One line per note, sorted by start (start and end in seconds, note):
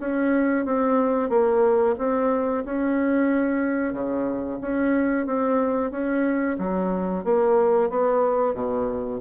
0.00 0.66 C#4
0.66 1.29 C4
1.29 1.95 A#3
1.98 2.64 C4
2.65 3.93 C#4
3.93 4.59 C#3
4.61 5.26 C#4
5.26 5.91 C4
5.91 6.57 C#4
6.58 7.24 F#3
7.24 7.90 A#3
7.90 8.54 B3
8.54 9.20 B2